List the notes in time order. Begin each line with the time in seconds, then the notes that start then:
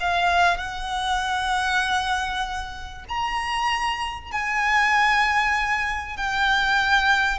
0.00 F5
0.57 F#5
3.08 A#5
4.32 G#5
6.17 G5